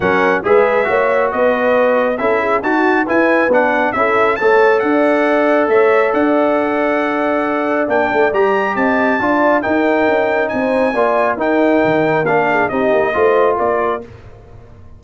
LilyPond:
<<
  \new Staff \with { instrumentName = "trumpet" } { \time 4/4 \tempo 4 = 137 fis''4 e''2 dis''4~ | dis''4 e''4 a''4 gis''4 | fis''4 e''4 a''4 fis''4~ | fis''4 e''4 fis''2~ |
fis''2 g''4 ais''4 | a''2 g''2 | gis''2 g''2 | f''4 dis''2 d''4 | }
  \new Staff \with { instrumentName = "horn" } { \time 4/4 ais'4 b'4 cis''4 b'4~ | b'4 a'8 gis'8 fis'4 b'4~ | b'4 a'4 cis''4 d''4~ | d''4 cis''4 d''2~ |
d''1 | dis''4 d''4 ais'2 | c''4 d''4 ais'2~ | ais'8 gis'8 g'4 c''4 ais'4 | }
  \new Staff \with { instrumentName = "trombone" } { \time 4/4 cis'4 gis'4 fis'2~ | fis'4 e'4 fis'4 e'4 | d'4 e'4 a'2~ | a'1~ |
a'2 d'4 g'4~ | g'4 f'4 dis'2~ | dis'4 f'4 dis'2 | d'4 dis'4 f'2 | }
  \new Staff \with { instrumentName = "tuba" } { \time 4/4 fis4 gis4 ais4 b4~ | b4 cis'4 dis'4 e'4 | b4 cis'4 a4 d'4~ | d'4 a4 d'2~ |
d'2 ais8 a8 g4 | c'4 d'4 dis'4 cis'4 | c'4 ais4 dis'4 dis4 | ais4 c'8 ais8 a4 ais4 | }
>>